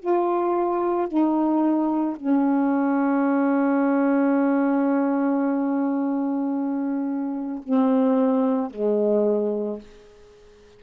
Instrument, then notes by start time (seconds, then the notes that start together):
saxophone
0.00 F4
1.08 D#4
2.17 C#4
7.64 C4
8.71 G#3